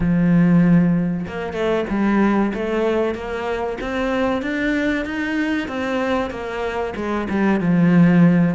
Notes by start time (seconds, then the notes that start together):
0.00 F3
1.27 A#3
1.53 A3
1.89 G3
2.53 A3
3.14 A#3
3.80 C4
4.42 D4
5.05 D#4
5.68 C4
6.30 A#3
6.96 G#3
7.29 G3
7.60 F3